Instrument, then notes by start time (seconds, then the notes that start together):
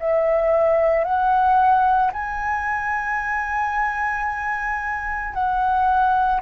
flute
0.00 E5
1.05 F#5
2.13 G#5
5.34 F#5